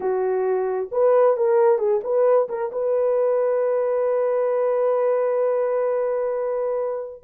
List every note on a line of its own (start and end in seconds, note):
0.00 0.89 F#4
0.91 1.36 B4
1.36 1.78 A#4
1.78 2.00 G#4
2.03 2.48 B4
2.48 2.71 A#4
2.72 7.23 B4